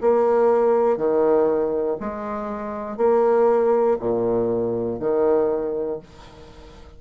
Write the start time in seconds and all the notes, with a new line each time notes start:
0.00 A#3
0.97 D#3
2.00 G#3
2.97 A#3
3.99 A#2
5.00 D#3